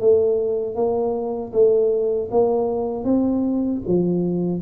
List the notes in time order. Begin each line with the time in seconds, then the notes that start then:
0.00 A3
0.75 A#3
1.52 A3
2.31 A#3
3.04 C4
3.87 F3